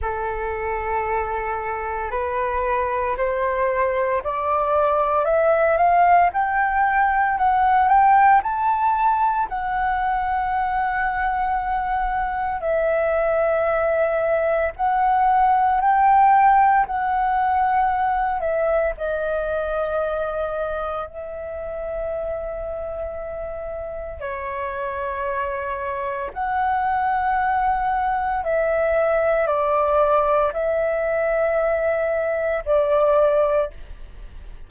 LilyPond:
\new Staff \with { instrumentName = "flute" } { \time 4/4 \tempo 4 = 57 a'2 b'4 c''4 | d''4 e''8 f''8 g''4 fis''8 g''8 | a''4 fis''2. | e''2 fis''4 g''4 |
fis''4. e''8 dis''2 | e''2. cis''4~ | cis''4 fis''2 e''4 | d''4 e''2 d''4 | }